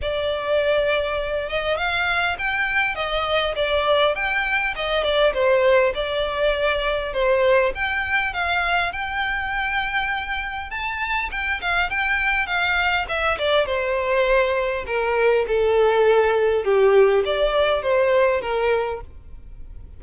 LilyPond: \new Staff \with { instrumentName = "violin" } { \time 4/4 \tempo 4 = 101 d''2~ d''8 dis''8 f''4 | g''4 dis''4 d''4 g''4 | dis''8 d''8 c''4 d''2 | c''4 g''4 f''4 g''4~ |
g''2 a''4 g''8 f''8 | g''4 f''4 e''8 d''8 c''4~ | c''4 ais'4 a'2 | g'4 d''4 c''4 ais'4 | }